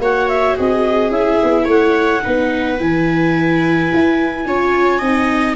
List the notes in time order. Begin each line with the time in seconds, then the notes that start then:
0.00 A#3 F#4 C#5 F#5
0.29 E5
0.56 C4 G#4 D#5
1.10 C#4 E4 E5
1.44 B3
1.65 A3 C#5 F#5
2.22 B3 D#4 B4
2.79 E3 E4 G#5
3.94 E4
4.46 C#4 F4 C#5
4.99 C4 D#4 D#5